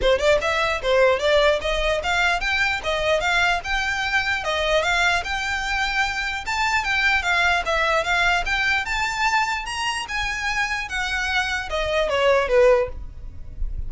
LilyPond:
\new Staff \with { instrumentName = "violin" } { \time 4/4 \tempo 4 = 149 c''8 d''8 e''4 c''4 d''4 | dis''4 f''4 g''4 dis''4 | f''4 g''2 dis''4 | f''4 g''2. |
a''4 g''4 f''4 e''4 | f''4 g''4 a''2 | ais''4 gis''2 fis''4~ | fis''4 dis''4 cis''4 b'4 | }